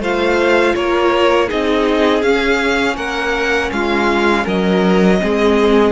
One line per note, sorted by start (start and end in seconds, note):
0.00 0.74 A3
0.00 1.50 F4
0.00 0.76 C5
0.00 0.75 F5
0.75 1.51 A#3
0.75 1.47 A#4
0.75 1.50 C#5
1.47 2.23 C4
1.47 2.22 D#4
1.47 2.96 G#4
1.47 2.23 D#5
2.22 5.18 C#4
2.22 2.97 C#4
2.22 2.97 F5
2.97 3.71 A#3
2.97 3.72 A#4
2.97 3.71 F#5
3.72 4.46 G#3
3.72 4.44 F4
3.72 4.47 F5
4.44 5.21 F#3
4.44 5.19 A#4
4.44 5.93 D#5
5.21 5.93 G#3
5.21 5.93 C4
5.21 5.93 G#4